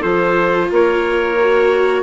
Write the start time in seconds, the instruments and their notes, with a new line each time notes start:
0.00 bassoon F3, viola F4, clarinet A4, trumpet C5
0.72 bassoon A#3, clarinet A#4, trumpet C#5
1.40 viola F#4